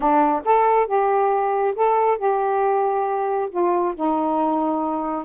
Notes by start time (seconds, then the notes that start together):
0.00 D4
0.45 A4
0.87 G4
1.75 A4
2.18 G4
3.50 F4
3.95 D#4